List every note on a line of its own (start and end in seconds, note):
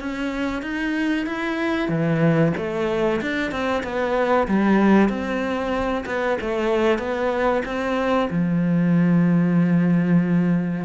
0.00 0.62 C#4
0.62 1.26 D#4
1.26 1.89 E4
1.89 2.52 E3
2.57 3.21 A3
3.21 3.51 D4
3.51 3.83 C4
3.84 4.47 B3
4.48 5.09 G3
5.09 6.05 C4
6.06 6.38 B3
6.41 6.99 A3
6.99 7.62 B3
7.65 8.29 C4
8.30 10.85 F3